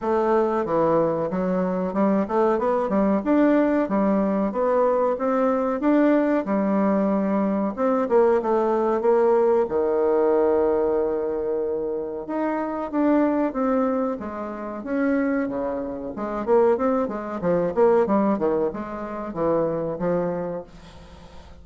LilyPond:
\new Staff \with { instrumentName = "bassoon" } { \time 4/4 \tempo 4 = 93 a4 e4 fis4 g8 a8 | b8 g8 d'4 g4 b4 | c'4 d'4 g2 | c'8 ais8 a4 ais4 dis4~ |
dis2. dis'4 | d'4 c'4 gis4 cis'4 | cis4 gis8 ais8 c'8 gis8 f8 ais8 | g8 dis8 gis4 e4 f4 | }